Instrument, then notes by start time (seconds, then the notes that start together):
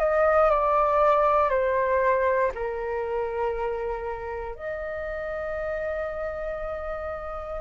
flute
0.00 D#5
0.50 D5
1.50 C5
2.55 A#4
4.56 D#5